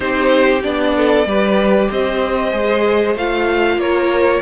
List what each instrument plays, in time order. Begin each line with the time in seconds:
0.00 cello C4, viola D#4, violin G4 C5
0.63 cello B3, viola D4, violin D5
0.96 violin A4
1.25 cello G3, viola G4, violin B4
1.89 cello C4, violin C5 D#5
2.52 cello G#3, viola G#4
3.15 cello A3, viola F4, violin F5
3.76 cello A#3, violin A#4 C#5